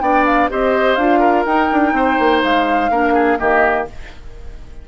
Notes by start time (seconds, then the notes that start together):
0.00 B3 D4 D5 G5
0.25 F5
0.49 C4 G4 C5 D#5
0.95 D4 F4 F5
1.19 A#4
1.45 D#4 G5
1.72 D4
1.92 C4 C5
2.19 A#3
2.43 G#3 F5
2.90 A#3 D4 A#4
3.13 G#4
3.38 D#3 A#3 G4 D#5